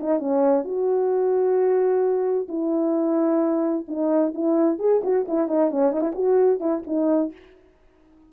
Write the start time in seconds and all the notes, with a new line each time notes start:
0.00 D#4
0.19 C#4
0.64 F#4
2.48 E4
3.88 D#4
4.34 E4
4.79 G#4
5.03 F#4
5.28 E4
5.48 D#4
5.70 C#4
5.92 D#4
6.01 E4
6.15 F#4
6.60 E4
6.87 D#4